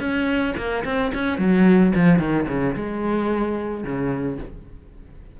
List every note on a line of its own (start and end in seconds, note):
0.00 0.55 C#4
0.57 0.84 A#3
0.85 1.12 C4
1.14 1.38 C#4
1.38 1.93 F#3
1.95 2.19 F3
2.19 2.46 D#3
2.48 2.75 C#3
2.75 3.84 G#3
3.84 4.38 C#3